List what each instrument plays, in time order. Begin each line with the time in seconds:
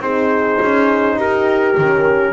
0.00 double bass C4, horn D#4 G#4, trumpet C5
0.62 double bass C#4
1.16 double bass D#4, horn G4, trumpet A#4
1.78 double bass D#3, horn C#4